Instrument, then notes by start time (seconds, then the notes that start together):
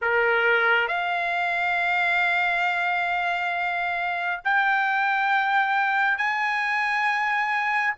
trumpet
0.01 A#4
0.87 F5
4.44 G5
6.17 G#5